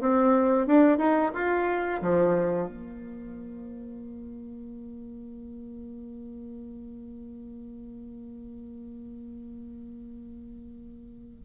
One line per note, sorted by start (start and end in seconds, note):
0.00 0.66 C4
0.66 0.98 D4
0.98 1.31 D#4
1.33 2.01 F4
2.01 2.67 F3
2.67 11.44 A#3